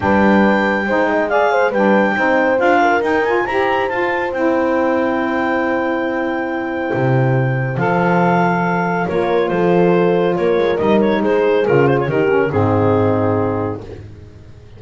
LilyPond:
<<
  \new Staff \with { instrumentName = "clarinet" } { \time 4/4 \tempo 4 = 139 g''2. f''4 | g''2 f''4 g''8 gis''8 | ais''4 a''4 g''2~ | g''1~ |
g''2 f''2~ | f''4 cis''4 c''2 | cis''4 dis''8 cis''8 c''4 ais'8 c''16 cis''16 | ais'4 gis'2. | }
  \new Staff \with { instrumentName = "horn" } { \time 4/4 b'2 c''8 dis''8 d''8 c''8 | b'4 c''4. ais'4. | c''1~ | c''1~ |
c''1~ | c''4 ais'4 a'2 | ais'2 gis'2 | g'4 dis'2. | }
  \new Staff \with { instrumentName = "saxophone" } { \time 4/4 d'2 dis'4 gis'4 | d'4 dis'4 f'4 dis'8 f'8 | g'4 f'4 e'2~ | e'1~ |
e'2 a'2~ | a'4 f'2.~ | f'4 dis'2 f'4 | dis'8 cis'8 c'2. | }
  \new Staff \with { instrumentName = "double bass" } { \time 4/4 g2 gis2 | g4 c'4 d'4 dis'4 | e'4 f'4 c'2~ | c'1 |
c2 f2~ | f4 ais4 f2 | ais8 gis8 g4 gis4 cis4 | dis4 gis,2. | }
>>